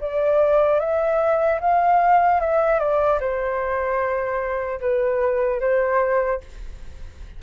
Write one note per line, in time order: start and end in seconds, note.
0.00 0.79 D5
0.79 1.59 E5
1.60 2.40 F5
2.40 2.79 E5
2.79 3.19 D5
3.20 4.80 C5
4.80 5.60 B4
5.60 6.40 C5